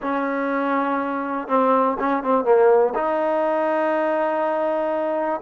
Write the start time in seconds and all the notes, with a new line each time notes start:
0.02 C#4
1.48 C4
1.99 C#4
2.23 C4
2.44 A#3
2.94 D#4